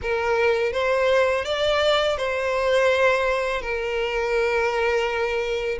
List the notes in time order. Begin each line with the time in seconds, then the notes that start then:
0.02 A#4
0.72 C5
1.45 D5
2.17 C5
3.61 A#4